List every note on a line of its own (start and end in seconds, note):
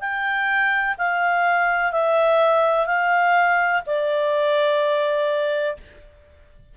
0.00 0.96 G5
0.98 1.92 F5
1.92 2.86 E5
2.86 3.81 F5
3.86 5.77 D5